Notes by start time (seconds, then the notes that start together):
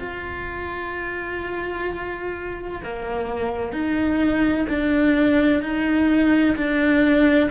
0.00 F4
2.83 A#3
3.72 D#4
4.69 D4
5.62 D#4
6.56 D4